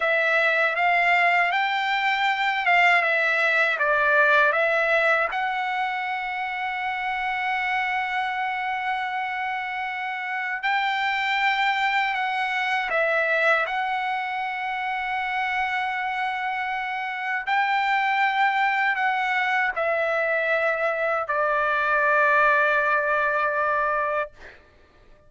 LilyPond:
\new Staff \with { instrumentName = "trumpet" } { \time 4/4 \tempo 4 = 79 e''4 f''4 g''4. f''8 | e''4 d''4 e''4 fis''4~ | fis''1~ | fis''2 g''2 |
fis''4 e''4 fis''2~ | fis''2. g''4~ | g''4 fis''4 e''2 | d''1 | }